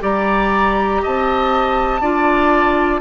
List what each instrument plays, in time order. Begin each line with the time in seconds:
0.00 bassoon G3, clarinet G4, oboe D5, flute A#5
1.02 bassoon C4, oboe D#5, flute A5
2.01 bassoon D4, clarinet F4, oboe D5